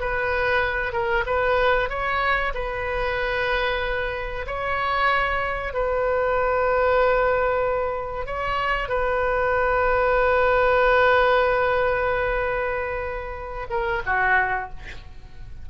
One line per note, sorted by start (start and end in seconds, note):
0.00 0.93 B4
0.93 1.24 A#4
1.26 1.89 B4
1.89 2.53 C#5
2.54 4.46 B4
4.47 5.73 C#5
5.73 8.26 B4
8.26 8.88 C#5
8.88 13.67 B4
13.70 14.02 A#4
14.06 14.70 F#4